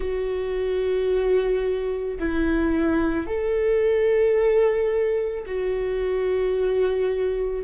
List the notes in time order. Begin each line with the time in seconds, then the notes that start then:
0.00 F#4
2.19 E4
3.26 A4
5.46 F#4